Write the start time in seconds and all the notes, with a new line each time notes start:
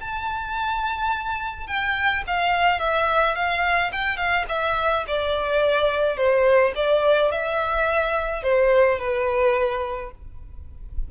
0.00 A5
1.66 G5
2.27 F5
2.79 E5
3.35 F5
3.92 G5
4.16 F5
4.48 E5
5.07 D5
6.17 C5
6.75 D5
7.31 E5
8.42 C5
8.99 B4